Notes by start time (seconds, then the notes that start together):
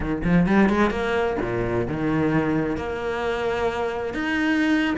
0.00 D#3
0.23 F3
0.46 G3
0.69 G#3
0.90 A#3
1.41 A#2
1.87 D#3
2.77 A#3
4.14 D#4